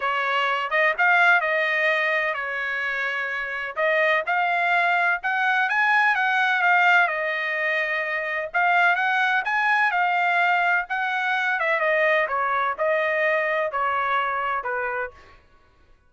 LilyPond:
\new Staff \with { instrumentName = "trumpet" } { \time 4/4 \tempo 4 = 127 cis''4. dis''8 f''4 dis''4~ | dis''4 cis''2. | dis''4 f''2 fis''4 | gis''4 fis''4 f''4 dis''4~ |
dis''2 f''4 fis''4 | gis''4 f''2 fis''4~ | fis''8 e''8 dis''4 cis''4 dis''4~ | dis''4 cis''2 b'4 | }